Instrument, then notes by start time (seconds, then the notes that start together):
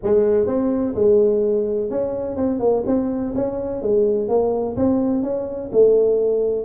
tuba
0.03 G#3
0.46 C4
0.95 G#3
1.90 C#4
2.36 C4
2.59 A#3
2.86 C4
3.35 C#4
3.82 G#3
4.28 A#3
4.76 C4
5.23 C#4
5.72 A3